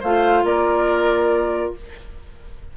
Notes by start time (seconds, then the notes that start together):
0.00 A3 F4 C5 F5
0.44 A#3 A#4 D5